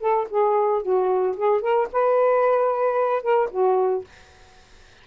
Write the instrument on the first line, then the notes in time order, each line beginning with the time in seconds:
saxophone
0.00 A4
0.30 G#4
0.82 F#4
1.36 G#4
1.61 A#4
1.92 B4
3.22 A#4
3.51 F#4